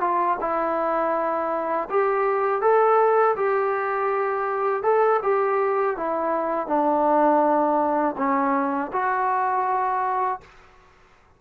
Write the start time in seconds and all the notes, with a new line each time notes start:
0.00 F4
0.40 E4
1.90 G4
2.61 A4
3.36 G4
4.83 A4
5.23 G4
5.97 E4
6.67 D4
8.17 C#4
8.93 F#4